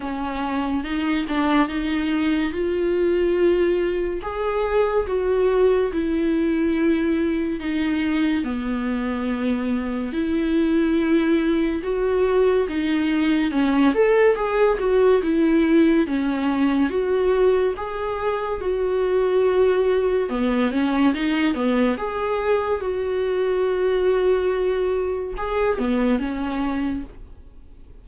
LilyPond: \new Staff \with { instrumentName = "viola" } { \time 4/4 \tempo 4 = 71 cis'4 dis'8 d'8 dis'4 f'4~ | f'4 gis'4 fis'4 e'4~ | e'4 dis'4 b2 | e'2 fis'4 dis'4 |
cis'8 a'8 gis'8 fis'8 e'4 cis'4 | fis'4 gis'4 fis'2 | b8 cis'8 dis'8 b8 gis'4 fis'4~ | fis'2 gis'8 b8 cis'4 | }